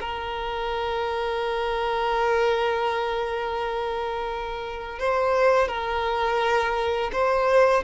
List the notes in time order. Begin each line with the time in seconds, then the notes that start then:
0.00 A#4
4.99 C5
5.68 A#4
7.12 C5